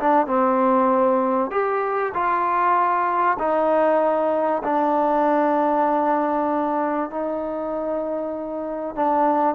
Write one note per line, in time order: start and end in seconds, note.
0.00 0.27 D4
0.27 1.51 C4
1.51 2.13 G4
2.15 3.38 F4
3.39 4.63 D#4
4.64 7.11 D4
7.11 8.96 D#4
8.96 9.56 D4